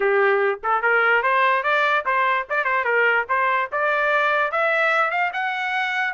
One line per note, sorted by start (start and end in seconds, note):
0.00 0.59 G4
0.63 0.81 A4
0.81 1.22 A#4
1.22 1.63 C5
1.63 2.04 D5
2.05 2.47 C5
2.49 2.64 D5
2.64 2.84 C5
2.84 3.25 A#4
3.28 3.69 C5
3.72 4.51 D5
4.51 5.10 E5
5.10 5.31 F5
5.33 6.13 F#5